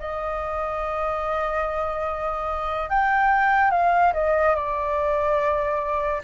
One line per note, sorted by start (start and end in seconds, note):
0.00 2.90 D#5
2.90 3.71 G5
3.71 4.13 F5
4.14 4.55 D#5
4.55 6.22 D5